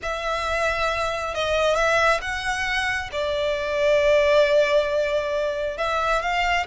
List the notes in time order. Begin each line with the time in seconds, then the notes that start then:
0.02 E5
1.34 D#5
1.75 E5
2.21 F#5
3.12 D5
5.77 E5
6.21 F5